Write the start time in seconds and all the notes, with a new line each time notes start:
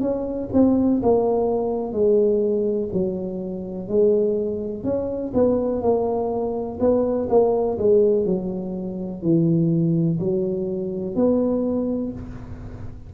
0.00 C#4
0.53 C4
1.02 A#3
1.92 G#3
2.93 F#3
3.88 G#3
4.83 C#4
5.34 B3
5.82 A#3
6.80 B3
7.29 A#3
7.78 G#3
8.25 F#3
9.22 E3
10.19 F#3
11.15 B3